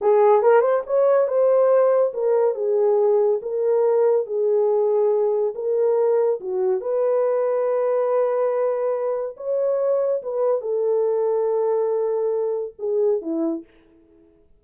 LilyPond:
\new Staff \with { instrumentName = "horn" } { \time 4/4 \tempo 4 = 141 gis'4 ais'8 c''8 cis''4 c''4~ | c''4 ais'4 gis'2 | ais'2 gis'2~ | gis'4 ais'2 fis'4 |
b'1~ | b'2 cis''2 | b'4 a'2.~ | a'2 gis'4 e'4 | }